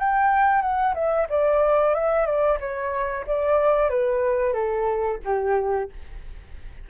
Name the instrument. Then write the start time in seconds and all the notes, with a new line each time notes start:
flute
0.00 G5
0.62 F#5
0.95 E5
1.30 D5
1.94 E5
2.26 D5
2.60 C#5
3.27 D5
3.90 B4
4.53 A4
5.24 G4